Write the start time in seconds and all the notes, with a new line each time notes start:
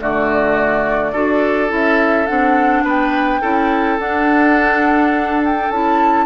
0.00 D3 A3 F#4 D5
1.13 D4 F#4 A4
1.69 C#4 E4 E5
2.27 C4 D4 F#5
2.84 B3 B4 G5
3.42 C#4 E4 A4
3.99 D4 F#5
5.45 G5
5.70 C#4 E4 A5